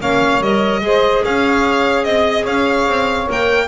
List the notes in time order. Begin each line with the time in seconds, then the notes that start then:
0.00 A#3 C#4 C#5 F5
0.40 G3 A#4 D#5
0.81 G#3 G#4 C5
1.24 C#4 C#5 F5
2.04 C4 D#5
2.42 C#4 C#5 F5
2.87 C4
3.26 A#3 A#4 G5